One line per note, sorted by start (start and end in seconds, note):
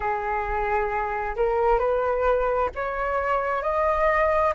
0.00 1.35 G#4
1.36 1.79 A#4
1.79 2.69 B4
2.75 3.62 C#5
3.62 4.53 D#5